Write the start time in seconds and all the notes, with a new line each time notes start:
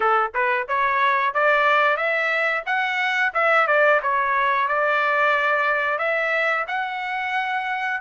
0.00 A4
0.34 B4
0.68 C#5
1.34 D5
1.96 E5
2.66 F#5
3.33 E5
3.67 D5
4.02 C#5
4.68 D5
5.98 E5
6.67 F#5